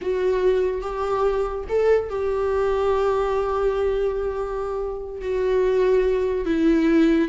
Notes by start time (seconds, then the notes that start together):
0.01 F#4
0.81 G4
1.68 A4
2.09 G4
5.21 F#4
6.45 E4